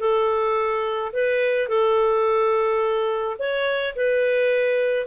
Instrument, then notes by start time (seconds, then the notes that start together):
clarinet
0.00 A4
1.13 B4
1.69 A4
3.39 C#5
3.96 B4